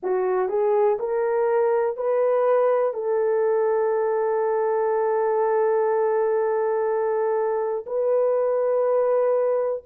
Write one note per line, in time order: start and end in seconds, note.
0.03 0.49 F#4
0.49 0.98 G#4
0.99 1.97 A#4
1.97 2.93 B4
2.93 7.85 A4
7.86 9.83 B4